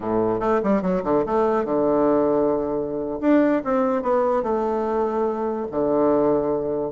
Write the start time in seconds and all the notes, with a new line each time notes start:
0.00 A2
0.40 A3
0.63 G3
0.81 F#3
1.03 D3
1.26 A3
1.64 D3
3.21 D4
3.64 C4
4.02 B3
4.42 A3
5.71 D3